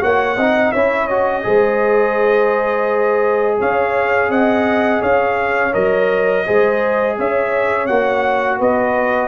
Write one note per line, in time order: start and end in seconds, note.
0.00 0.36 A#3
0.00 0.36 F#4
0.00 0.36 C#5
0.00 0.71 F#5
0.36 0.72 C4
0.36 0.75 D#4
0.36 0.72 D#5
0.71 1.44 C#4
0.71 1.10 E4
0.71 1.44 C#5
0.71 1.07 E5
1.07 1.42 F#4
1.07 3.57 D#5
1.42 3.60 G#3
1.42 5.71 G#4
1.42 3.59 C5
3.59 4.28 C#4
3.59 4.30 C#5
3.59 4.31 F5
4.28 5.00 C4
4.28 5.01 D#5
4.28 5.02 F#5
5.01 5.73 C#4
5.01 6.44 C#5
5.01 5.73 F5
5.72 6.46 F#3
5.72 6.44 A#4
5.72 7.16 D#5
6.45 7.18 G#3
6.45 7.88 G#4
6.45 7.16 C5
7.18 7.89 C#4
7.18 8.58 C#5
7.18 7.86 E5
7.86 8.60 A#3
7.86 9.28 F#4
7.86 8.58 F#5
8.58 9.28 B3
8.58 9.28 B4
8.58 9.28 D#5